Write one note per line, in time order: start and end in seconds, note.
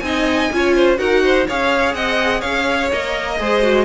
0.00 0.50 C4
0.00 0.52 D#4
0.00 0.53 D#5
0.00 0.96 G#5
0.53 0.99 C#4
0.53 0.98 F4
0.53 0.75 C#5
0.75 0.99 C5
0.98 1.47 D#4
0.98 1.46 F#4
0.98 1.23 A#4
0.98 1.47 F#5
1.24 1.48 C5
1.48 1.94 C#4
1.48 2.93 G#4
1.48 1.96 C#5
1.48 1.95 F5
1.94 2.42 C4
1.94 2.41 D#5
1.94 2.41 F#5
2.41 2.92 C#4
2.41 3.37 C#5
2.41 2.89 F5
2.93 3.40 A#3
2.93 3.39 A#4
2.93 3.85 D#5
3.39 3.85 G#3
3.39 3.62 G#4
3.39 3.85 C5
3.62 3.85 F#4